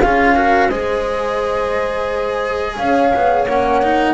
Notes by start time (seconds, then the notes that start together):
0.00 C#4 F4 G#4 F5
0.36 F#4 A#4
0.69 G#3 G#4 C5 D#5
2.77 C#4 C#5 F5
3.15 B3
3.46 A#3 C#4 F#5
3.83 D#4